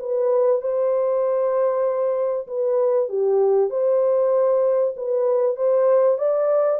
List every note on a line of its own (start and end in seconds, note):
0.00 0.62 B4
0.62 2.47 C5
2.48 3.09 B4
3.09 3.71 G4
3.71 4.94 C5
4.97 5.56 B4
5.56 6.18 C5
6.18 6.80 D5